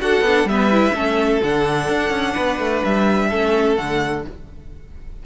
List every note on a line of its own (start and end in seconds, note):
0.00 0.21 D4
0.00 0.23 F#4
0.00 0.50 A4
0.00 0.48 F#5
0.21 0.44 B3
0.21 0.49 D4
0.44 0.91 G3
0.44 0.71 B3
0.44 0.95 B4
0.44 1.42 E5
0.71 0.94 E4
0.94 1.41 A3
0.94 1.41 C#4
0.94 2.34 A4
1.43 1.89 D3
1.43 3.32 D4
1.43 2.84 F#5
1.89 2.10 D4
2.10 2.34 C#4
2.34 2.60 B3
2.34 3.28 B4
2.60 2.83 A3
2.84 3.31 G3
2.84 3.77 E5
3.30 3.78 A3
3.30 3.77 C#4
3.30 4.23 A4
3.77 4.25 D3
3.77 4.24 A3
3.77 4.23 F#5